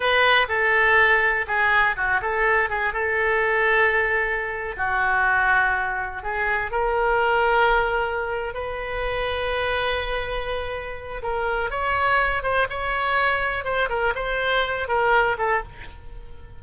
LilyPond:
\new Staff \with { instrumentName = "oboe" } { \time 4/4 \tempo 4 = 123 b'4 a'2 gis'4 | fis'8 a'4 gis'8 a'2~ | a'4.~ a'16 fis'2~ fis'16~ | fis'8. gis'4 ais'2~ ais'16~ |
ais'4. b'2~ b'8~ | b'2. ais'4 | cis''4. c''8 cis''2 | c''8 ais'8 c''4. ais'4 a'8 | }